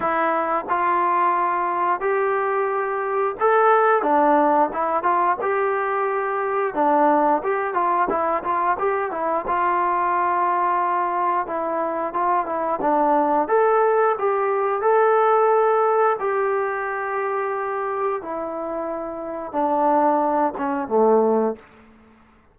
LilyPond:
\new Staff \with { instrumentName = "trombone" } { \time 4/4 \tempo 4 = 89 e'4 f'2 g'4~ | g'4 a'4 d'4 e'8 f'8 | g'2 d'4 g'8 f'8 | e'8 f'8 g'8 e'8 f'2~ |
f'4 e'4 f'8 e'8 d'4 | a'4 g'4 a'2 | g'2. e'4~ | e'4 d'4. cis'8 a4 | }